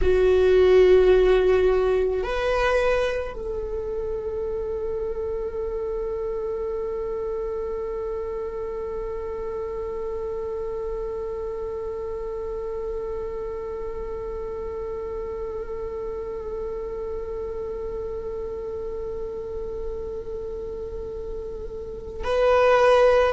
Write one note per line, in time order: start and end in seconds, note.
0.01 2.23 F#4
2.23 3.33 B4
3.33 22.22 A4
22.23 23.33 B4